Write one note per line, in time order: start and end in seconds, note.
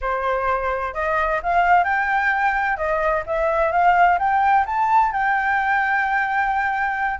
0.01 0.94 C5
0.94 1.40 D#5
1.42 1.84 F5
1.84 2.77 G5
2.77 3.23 D#5
3.26 3.71 E5
3.71 4.18 F5
4.18 4.65 G5
4.66 5.12 A5
5.12 7.19 G5